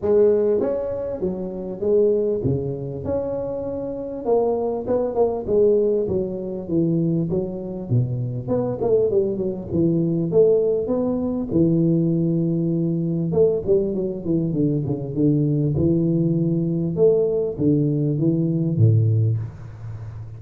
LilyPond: \new Staff \with { instrumentName = "tuba" } { \time 4/4 \tempo 4 = 99 gis4 cis'4 fis4 gis4 | cis4 cis'2 ais4 | b8 ais8 gis4 fis4 e4 | fis4 b,4 b8 a8 g8 fis8 |
e4 a4 b4 e4~ | e2 a8 g8 fis8 e8 | d8 cis8 d4 e2 | a4 d4 e4 a,4 | }